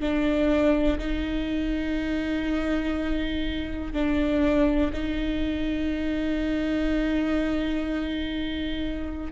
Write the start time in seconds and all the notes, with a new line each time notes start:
0.00 D4
0.98 D#4
3.93 D4
4.93 D#4